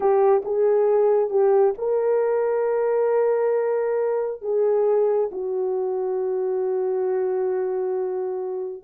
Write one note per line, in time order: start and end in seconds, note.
0.00 0.42 G4
0.45 1.30 G#4
1.30 1.74 G4
1.77 4.41 A#4
4.41 5.29 G#4
5.31 8.83 F#4